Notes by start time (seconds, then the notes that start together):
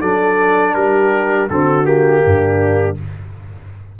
0.00 F#3 D4 A4 D5
0.74 G3 G4 A#4
1.50 D3 C4 F#4 A4
1.84 A#3 G4
2.25 G2 D4